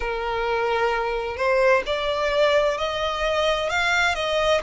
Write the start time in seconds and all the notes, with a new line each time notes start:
0.00 A#4
1.36 C5
1.85 D5
2.77 D#5
3.69 F5
4.15 D#5